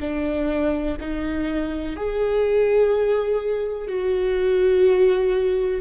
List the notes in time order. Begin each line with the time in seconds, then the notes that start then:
0.00 D4
1.00 D#4
1.96 G#4
3.88 F#4